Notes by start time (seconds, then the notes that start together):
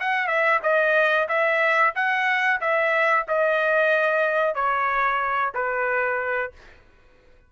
0.00 F#5
0.27 E5
0.63 D#5
1.29 E5
1.95 F#5
2.61 E5
3.28 D#5
4.55 C#5
5.55 B4